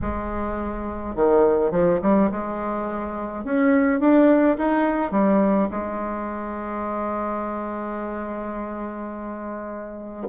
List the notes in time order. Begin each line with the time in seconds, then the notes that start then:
0.01 G#3
1.15 D#3
1.71 F3
2.02 G3
2.31 G#3
3.44 C#4
4.00 D4
4.57 D#4
5.11 G3
5.71 G#3